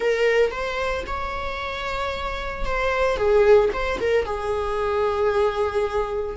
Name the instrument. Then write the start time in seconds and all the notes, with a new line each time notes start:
viola
0.00 A#4
0.51 C5
1.06 C#5
2.65 C5
3.16 G#4
3.73 C5
4.00 A#4
4.25 G#4